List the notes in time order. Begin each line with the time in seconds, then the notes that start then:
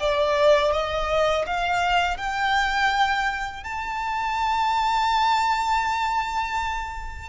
0.00 D5
0.72 D#5
1.47 F5
2.18 G5
3.64 A5